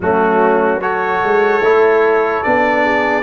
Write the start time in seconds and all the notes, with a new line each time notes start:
0.00 F#3 A3 C#4 F#4
0.80 F#4 A4 C#5
1.23 G#3
1.61 A3 E4
2.43 B3 D4 D5
2.83 G#4